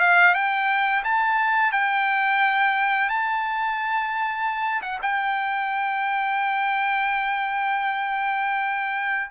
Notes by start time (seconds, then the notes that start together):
0.00 F5
0.34 G5
1.04 A5
1.72 G5
3.09 A5
4.82 F#5
5.02 G5